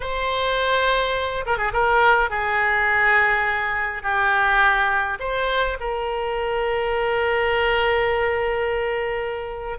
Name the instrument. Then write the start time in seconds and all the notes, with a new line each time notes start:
oboe
0.00 C5
1.46 A#4
1.57 G#4
1.73 A#4
2.29 G#4
4.03 G4
5.19 C5
5.80 A#4